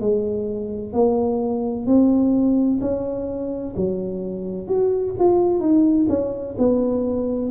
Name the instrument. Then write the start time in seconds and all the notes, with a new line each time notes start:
tuba
0.00 G#3
0.93 A#3
1.86 C4
2.81 C#4
3.76 F#3
4.68 F#4
5.19 F4
5.60 D#4
6.09 C#4
6.58 B3